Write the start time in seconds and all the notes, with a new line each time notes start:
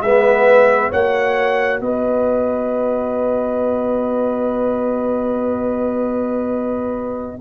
0.00 G#3 B3 E5
0.06 B4
0.89 A#3 F#4 C#5 F#5
1.80 B3 B4 D#5